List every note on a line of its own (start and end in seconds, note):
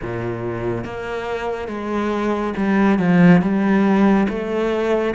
0.02 0.84 A#2
0.84 1.68 A#3
1.68 2.53 G#3
2.56 2.98 G3
2.98 3.41 F3
3.41 4.27 G3
4.29 5.14 A3